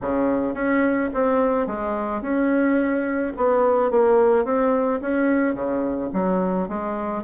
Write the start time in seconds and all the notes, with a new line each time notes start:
0.01 C#3
0.54 C#4
1.14 C4
1.67 G#3
2.21 C#4
3.36 B3
3.90 A#3
4.44 C4
5.01 C#4
5.54 C#3
6.13 F#3
6.68 G#3